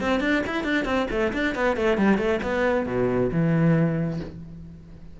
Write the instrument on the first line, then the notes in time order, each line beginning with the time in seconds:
cello
0.00 C4
0.20 D4
0.46 E4
0.63 D4
0.85 C4
1.10 A3
1.33 D4
1.54 B3
1.76 A3
1.97 G3
2.17 A3
2.42 B3
2.86 B2
3.32 E3